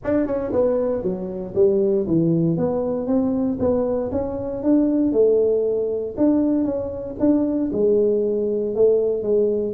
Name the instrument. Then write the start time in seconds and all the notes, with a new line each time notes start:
tuba
0.04 D4
0.26 C#4
0.52 B3
1.03 F#3
1.55 G3
2.06 E3
2.57 B3
3.06 C4
3.59 B3
4.11 C#4
4.63 D4
5.12 A3
6.17 D4
6.64 C#4
7.19 D4
7.72 G#3
8.75 A3
9.22 G#3